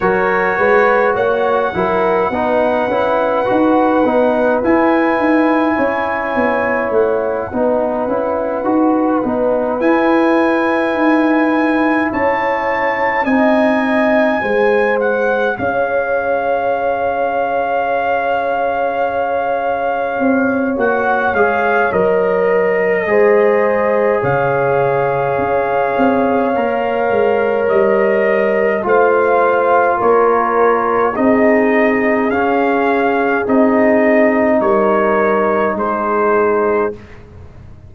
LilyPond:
<<
  \new Staff \with { instrumentName = "trumpet" } { \time 4/4 \tempo 4 = 52 cis''4 fis''2. | gis''2 fis''2~ | fis''8 gis''2 a''4 gis''8~ | gis''4 fis''8 f''2~ f''8~ |
f''2 fis''8 f''8 dis''4~ | dis''4 f''2. | dis''4 f''4 cis''4 dis''4 | f''4 dis''4 cis''4 c''4 | }
  \new Staff \with { instrumentName = "horn" } { \time 4/4 ais'8 b'8 cis''8 ais'8 b'2~ | b'4 cis''4. b'4.~ | b'2~ b'8 cis''4 dis''8~ | dis''8 c''4 cis''2~ cis''8~ |
cis''1 | c''4 cis''2.~ | cis''4 c''4 ais'4 gis'4~ | gis'2 ais'4 gis'4 | }
  \new Staff \with { instrumentName = "trombone" } { \time 4/4 fis'4. e'8 dis'8 e'8 fis'8 dis'8 | e'2~ e'8 dis'8 e'8 fis'8 | dis'8 e'2. dis'8~ | dis'8 gis'2.~ gis'8~ |
gis'2 fis'8 gis'8 ais'4 | gis'2. ais'4~ | ais'4 f'2 dis'4 | cis'4 dis'2. | }
  \new Staff \with { instrumentName = "tuba" } { \time 4/4 fis8 gis8 ais8 fis8 b8 cis'8 dis'8 b8 | e'8 dis'8 cis'8 b8 a8 b8 cis'8 dis'8 | b8 e'4 dis'4 cis'4 c'8~ | c'8 gis4 cis'2~ cis'8~ |
cis'4. c'8 ais8 gis8 fis4 | gis4 cis4 cis'8 c'8 ais8 gis8 | g4 a4 ais4 c'4 | cis'4 c'4 g4 gis4 | }
>>